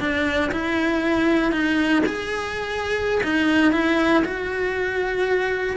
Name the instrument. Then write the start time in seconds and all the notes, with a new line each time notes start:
cello
0.00 D4
0.52 E4
1.52 D#4
2.07 G#4
3.24 D#4
3.73 E4
4.25 F#4